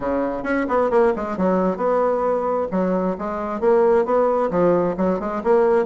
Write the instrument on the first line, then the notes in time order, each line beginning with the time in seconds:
bassoon
0.00 C#3
0.43 C#4
0.68 B3
0.90 A#3
1.16 G#3
1.37 F#3
1.77 B3
2.71 F#3
3.18 G#3
3.60 A#3
4.05 B3
4.50 F3
4.97 F#3
5.19 G#3
5.43 A#3